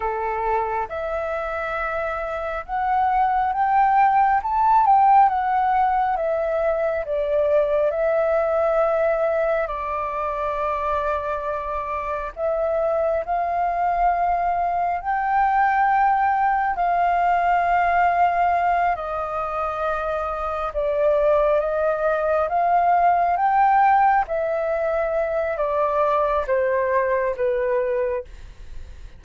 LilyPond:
\new Staff \with { instrumentName = "flute" } { \time 4/4 \tempo 4 = 68 a'4 e''2 fis''4 | g''4 a''8 g''8 fis''4 e''4 | d''4 e''2 d''4~ | d''2 e''4 f''4~ |
f''4 g''2 f''4~ | f''4. dis''2 d''8~ | d''8 dis''4 f''4 g''4 e''8~ | e''4 d''4 c''4 b'4 | }